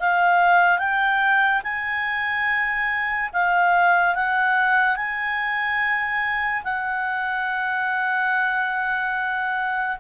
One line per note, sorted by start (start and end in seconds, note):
0.00 0.78 F5
0.78 1.62 G5
1.64 3.30 G#5
3.33 4.15 F5
4.15 4.96 F#5
4.96 6.63 G#5
6.64 9.97 F#5